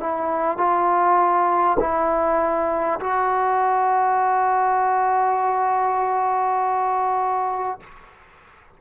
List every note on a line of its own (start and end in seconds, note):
0.00 0.57 E4
0.57 1.77 F4
1.79 2.99 E4
2.99 7.79 F#4